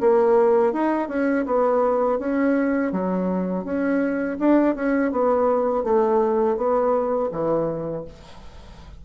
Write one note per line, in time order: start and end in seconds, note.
0.00 0.73 A#3
0.73 1.08 D#4
1.08 1.45 C#4
1.45 2.18 B3
2.18 2.91 C#4
2.92 3.64 F#3
3.64 4.37 C#4
4.39 4.75 D4
4.75 5.11 C#4
5.11 5.83 B3
5.83 6.56 A3
6.56 7.29 B3
7.31 8.04 E3